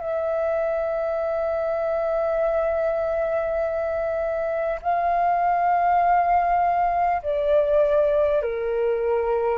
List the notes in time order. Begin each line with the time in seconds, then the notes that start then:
0.00 E5
4.82 F5
7.22 D5
8.42 A#4